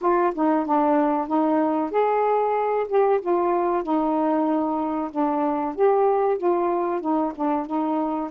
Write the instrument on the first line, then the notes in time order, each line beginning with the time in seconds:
saxophone
0.01 F4
0.35 D#4
0.66 D4
1.27 D#4
1.91 G#4
2.88 G4
3.21 F4
3.83 D#4
5.11 D4
5.74 G4
6.37 F4
7.00 D#4
7.35 D4
7.66 D#4